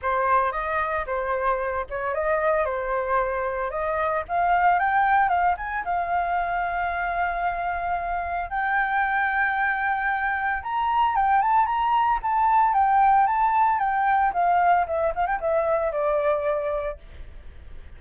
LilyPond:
\new Staff \with { instrumentName = "flute" } { \time 4/4 \tempo 4 = 113 c''4 dis''4 c''4. cis''8 | dis''4 c''2 dis''4 | f''4 g''4 f''8 gis''8 f''4~ | f''1 |
g''1 | ais''4 g''8 a''8 ais''4 a''4 | g''4 a''4 g''4 f''4 | e''8 f''16 g''16 e''4 d''2 | }